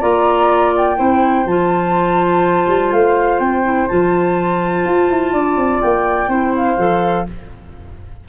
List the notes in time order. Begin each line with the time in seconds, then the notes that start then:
0.00 A#3 F4 D5 A#5
0.77 G5
0.96 C4 E4 C5
1.45 F3 F4 A5
2.67 G3
2.92 A3 F5
3.39 C4 G5
3.64 E4
3.88 F3 F4 A5
4.85 F4
5.10 E4
5.32 D4 D5
5.56 C4
5.81 A#3 G5
6.28 C4 E4 C5
6.56 F5
6.77 F3 A4